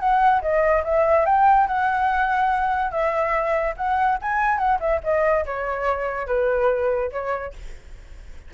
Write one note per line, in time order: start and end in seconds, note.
0.00 0.42 F#5
0.42 0.84 D#5
0.84 1.26 E5
1.26 1.68 G5
1.68 2.92 F#5
2.92 3.75 E5
3.77 4.19 F#5
4.22 4.59 G#5
4.59 4.80 F#5
4.80 5.01 E5
5.04 5.46 D#5
5.46 6.27 C#5
6.27 7.11 B4
7.13 7.54 C#5